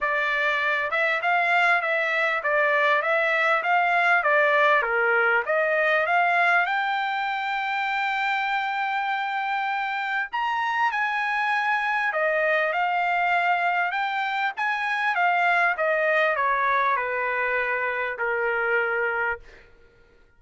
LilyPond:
\new Staff \with { instrumentName = "trumpet" } { \time 4/4 \tempo 4 = 99 d''4. e''8 f''4 e''4 | d''4 e''4 f''4 d''4 | ais'4 dis''4 f''4 g''4~ | g''1~ |
g''4 ais''4 gis''2 | dis''4 f''2 g''4 | gis''4 f''4 dis''4 cis''4 | b'2 ais'2 | }